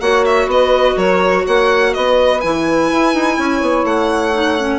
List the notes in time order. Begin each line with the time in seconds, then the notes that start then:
0.00 A#3 F#4 C#5 F#5
0.25 E5
0.47 B3 B4 D#5
0.96 F#3 A#4 C#5
1.45 A#3 C#5 F#5
1.94 B3 B4 D#5
2.41 E3 E4 G#5
2.91 E4
3.14 D#4
3.38 C#4 C#5
3.61 B3
3.85 A3 F#5
4.34 D#4
4.59 C#4